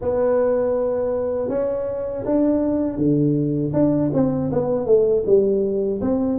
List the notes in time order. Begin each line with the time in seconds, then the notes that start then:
0.01 B3
1.48 C#4
2.25 D4
2.97 D3
3.73 D4
4.13 C4
4.52 B3
4.85 A3
5.25 G3
6.01 C4